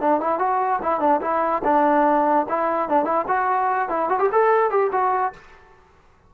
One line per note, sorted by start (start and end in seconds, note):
0.00 0.20 D4
0.20 0.38 E4
0.38 0.79 F#4
0.82 1.00 E4
1.00 1.20 D4
1.21 1.62 E4
1.64 2.46 D4
2.48 2.89 E4
2.89 3.04 D4
3.04 3.25 E4
3.27 3.88 F#4
3.88 4.09 E4
4.09 4.19 F#4
4.19 4.29 G4
4.32 4.70 A4
4.70 4.91 G4
4.91 5.33 F#4